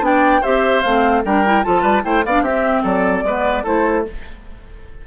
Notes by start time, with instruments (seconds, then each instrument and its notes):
0.00 bassoon B3, clarinet D4, oboe D5, flute G5
0.41 bassoon C4, clarinet G4, oboe C5, flute E5
0.82 bassoon A3, clarinet C4, flute F5
1.24 bassoon G3, clarinet D4, oboe A#4, flute G5
1.45 clarinet E4
1.63 bassoon F3, clarinet F4, oboe A4, flute A5
1.81 bassoon G3, oboe B4
2.02 bassoon A3, clarinet E4, oboe C5, flute G5
2.25 bassoon B3, clarinet D4, oboe D5, flute F5
2.42 bassoon C4, clarinet C4, oboe G4, flute E5
2.82 bassoon F#3, oboe A4, flute D5
3.22 bassoon G#3, clarinet B3, oboe B4
3.63 bassoon A3, clarinet E4, oboe A4, flute C5